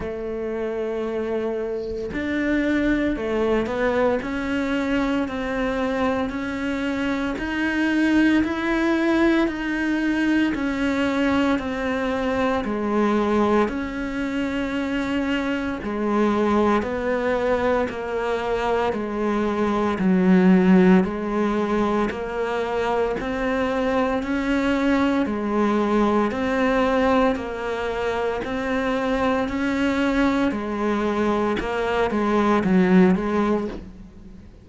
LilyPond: \new Staff \with { instrumentName = "cello" } { \time 4/4 \tempo 4 = 57 a2 d'4 a8 b8 | cis'4 c'4 cis'4 dis'4 | e'4 dis'4 cis'4 c'4 | gis4 cis'2 gis4 |
b4 ais4 gis4 fis4 | gis4 ais4 c'4 cis'4 | gis4 c'4 ais4 c'4 | cis'4 gis4 ais8 gis8 fis8 gis8 | }